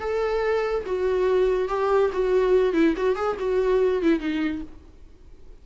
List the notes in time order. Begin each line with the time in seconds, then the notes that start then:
0.00 A4
0.86 F#4
1.69 G4
2.13 F#4
2.73 E4
2.97 F#4
3.16 G#4
3.39 F#4
4.03 E4
4.20 D#4